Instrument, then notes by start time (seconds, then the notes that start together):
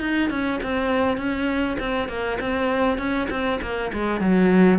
cello
0.00 D#4
0.30 C#4
0.62 C4
1.17 C#4
1.79 C4
2.08 A#3
2.40 C4
2.98 C#4
3.30 C4
3.62 A#3
3.92 G#3
4.20 F#3